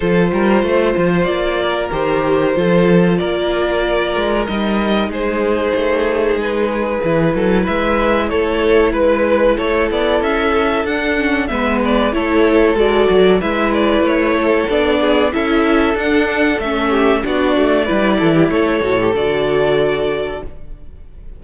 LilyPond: <<
  \new Staff \with { instrumentName = "violin" } { \time 4/4 \tempo 4 = 94 c''2 d''4 c''4~ | c''4 d''2 dis''4 | c''2 b'2 | e''4 cis''4 b'4 cis''8 d''8 |
e''4 fis''4 e''8 d''8 cis''4 | d''4 e''8 d''8 cis''4 d''4 | e''4 fis''4 e''4 d''4~ | d''4 cis''4 d''2 | }
  \new Staff \with { instrumentName = "violin" } { \time 4/4 a'8 ais'8 c''4. ais'4. | a'4 ais'2. | gis'2.~ gis'8 a'8 | b'4 a'4 b'4 a'4~ |
a'2 b'4 a'4~ | a'4 b'4. a'4 gis'8 | a'2~ a'8 g'8 fis'4 | b'8 a'16 g'16 a'2. | }
  \new Staff \with { instrumentName = "viola" } { \time 4/4 f'2. g'4 | f'2. dis'4~ | dis'2. e'4~ | e'1~ |
e'4 d'8 cis'8 b4 e'4 | fis'4 e'2 d'4 | e'4 d'4 cis'4 d'4 | e'4. fis'16 g'16 fis'2 | }
  \new Staff \with { instrumentName = "cello" } { \time 4/4 f8 g8 a8 f8 ais4 dis4 | f4 ais4. gis8 g4 | gis4 a4 gis4 e8 fis8 | gis4 a4 gis4 a8 b8 |
cis'4 d'4 gis4 a4 | gis8 fis8 gis4 a4 b4 | cis'4 d'4 a4 b8 a8 | g8 e8 a8 a,8 d2 | }
>>